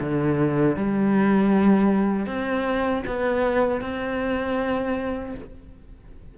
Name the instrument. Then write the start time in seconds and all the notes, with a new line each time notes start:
cello
0.00 D3
0.77 G3
2.27 C4
3.07 B3
3.81 C4